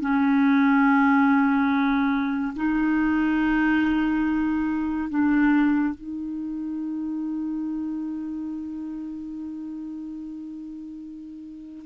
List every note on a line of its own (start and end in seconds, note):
0.00 2.54 C#4
2.56 5.09 D#4
5.09 5.94 D4
5.94 11.85 D#4